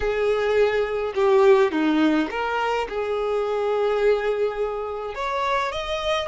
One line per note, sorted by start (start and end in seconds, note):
0.00 1.13 G#4
1.14 1.71 G4
1.71 2.28 D#4
2.30 2.87 A#4
2.88 5.15 G#4
5.15 5.71 C#5
5.71 6.28 D#5